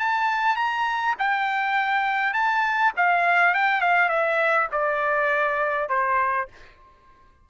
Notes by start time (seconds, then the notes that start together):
0.00 A5
0.57 A#5
1.19 G5
2.34 A5
2.97 F5
3.55 G5
3.81 F5
4.09 E5
4.72 D5
5.89 C5